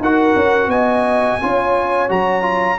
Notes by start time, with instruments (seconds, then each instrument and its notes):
0.00 tuba D#4, trombone F#4, horn A#4, trumpet F#5
0.36 tuba C#4
0.68 tuba B3, horn D#5, trumpet G#5
1.42 tuba C#4, trombone F4, horn C#5
2.09 tuba F#3, trombone F#4, trumpet A#5
2.42 trombone F4